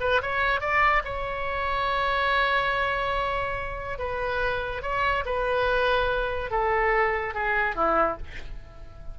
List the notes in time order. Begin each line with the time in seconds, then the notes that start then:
0.00 B4
0.22 C#5
0.60 D5
1.05 C#5
3.98 B4
4.82 C#5
5.25 B4
6.50 A4
7.34 G#4
7.75 E4